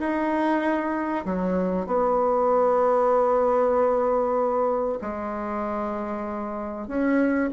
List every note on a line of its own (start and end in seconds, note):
0.00 1.25 D#4
1.26 1.87 F#3
1.87 4.99 B3
5.01 6.88 G#3
6.88 7.51 C#4